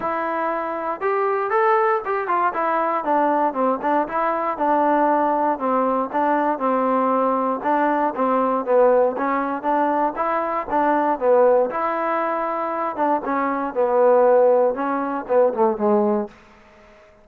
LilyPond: \new Staff \with { instrumentName = "trombone" } { \time 4/4 \tempo 4 = 118 e'2 g'4 a'4 | g'8 f'8 e'4 d'4 c'8 d'8 | e'4 d'2 c'4 | d'4 c'2 d'4 |
c'4 b4 cis'4 d'4 | e'4 d'4 b4 e'4~ | e'4. d'8 cis'4 b4~ | b4 cis'4 b8 a8 gis4 | }